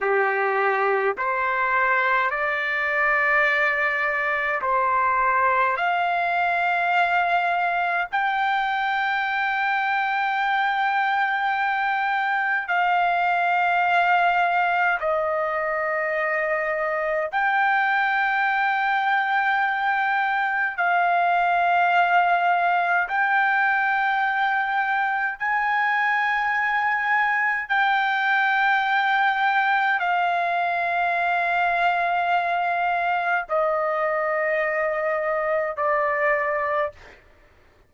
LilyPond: \new Staff \with { instrumentName = "trumpet" } { \time 4/4 \tempo 4 = 52 g'4 c''4 d''2 | c''4 f''2 g''4~ | g''2. f''4~ | f''4 dis''2 g''4~ |
g''2 f''2 | g''2 gis''2 | g''2 f''2~ | f''4 dis''2 d''4 | }